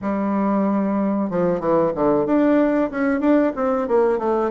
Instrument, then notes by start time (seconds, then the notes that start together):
bassoon
0.01 G3
1.30 F3
1.60 E3
1.94 D3
2.26 D4
2.90 C#4
3.20 D4
3.55 C4
3.88 A#3
4.18 A3